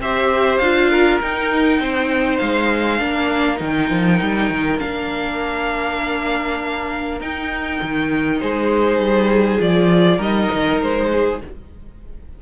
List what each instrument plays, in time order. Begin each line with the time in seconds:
0.00 cello C4, viola G4, violin C5 E5
0.58 cello D4, viola F4, violin F5
0.90 violin A#4
1.22 viola D#4, cello D#4, violin G5
1.79 cello C4, violin C5
2.38 cello G#3, violin F5
2.99 cello A#3, viola D4, violin A#4
3.57 cello D#3, viola D#4
3.64 violin G5
3.91 cello F3
4.22 cello G3
4.51 cello D#3
4.79 cello A#3, viola D4, violin F5
7.21 cello D#4, viola D#4, violin G5
7.82 cello D#3
8.40 cello G#3, violin G#4 C5
8.99 cello G3
9.59 cello F3, viola F4, violin D5
10.17 cello G3, viola D#4, violin A#4 D#5
10.54 cello D#3
10.81 cello G#3, violin C5
11.12 violin G#4